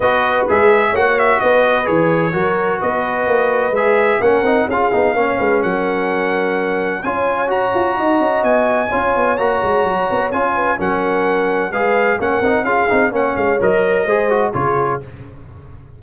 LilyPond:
<<
  \new Staff \with { instrumentName = "trumpet" } { \time 4/4 \tempo 4 = 128 dis''4 e''4 fis''8 e''8 dis''4 | cis''2 dis''2 | e''4 fis''4 f''2 | fis''2. gis''4 |
ais''2 gis''2 | ais''2 gis''4 fis''4~ | fis''4 f''4 fis''4 f''4 | fis''8 f''8 dis''2 cis''4 | }
  \new Staff \with { instrumentName = "horn" } { \time 4/4 b'2 cis''4 b'4~ | b'4 ais'4 b'2~ | b'4 ais'4 gis'4 cis''8 b'8 | ais'2. cis''4~ |
cis''4 dis''2 cis''4~ | cis''2~ cis''8 b'8 ais'4~ | ais'4 b'4 ais'4 gis'4 | cis''2 c''4 gis'4 | }
  \new Staff \with { instrumentName = "trombone" } { \time 4/4 fis'4 gis'4 fis'2 | gis'4 fis'2. | gis'4 cis'8 dis'8 f'8 dis'8 cis'4~ | cis'2. f'4 |
fis'2. f'4 | fis'2 f'4 cis'4~ | cis'4 gis'4 cis'8 dis'8 f'8 dis'8 | cis'4 ais'4 gis'8 fis'8 f'4 | }
  \new Staff \with { instrumentName = "tuba" } { \time 4/4 b4 gis4 ais4 b4 | e4 fis4 b4 ais4 | gis4 ais8 c'8 cis'8 b8 ais8 gis8 | fis2. cis'4 |
fis'8 f'8 dis'8 cis'8 b4 cis'8 b8 | ais8 gis8 fis8 b8 cis'4 fis4~ | fis4 gis4 ais8 c'8 cis'8 c'8 | ais8 gis8 fis4 gis4 cis4 | }
>>